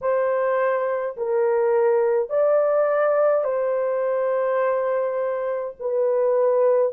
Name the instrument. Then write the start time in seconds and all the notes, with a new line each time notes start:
horn
0.01 C5
1.16 A#4
2.29 D5
3.44 C5
5.80 B4